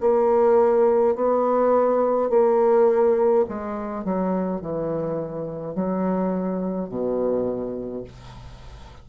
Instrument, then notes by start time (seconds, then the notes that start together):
bassoon
0.00 A#3
1.15 B3
2.30 A#3
3.48 G#3
4.04 F#3
4.61 E3
5.75 F#3
6.89 B2